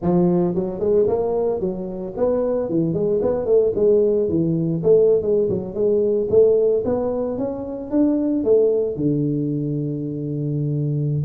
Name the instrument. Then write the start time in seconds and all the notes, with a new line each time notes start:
tuba
0.01 F3
0.54 F#3
0.79 G#3
1.07 A#3
1.60 F#3
2.16 B3
2.69 E3
2.93 G#3
3.22 B3
3.45 A3
3.75 G#3
4.28 E3
4.83 A3
5.21 G#3
5.49 F#3
5.74 G#3
6.30 A3
6.84 B3
7.38 C#4
7.90 D4
8.44 A3
8.96 D3